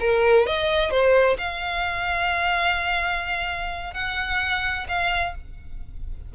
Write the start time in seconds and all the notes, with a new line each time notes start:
0.00 A#4
0.46 D#5
0.91 C5
1.38 F5
3.94 F#5
4.88 F5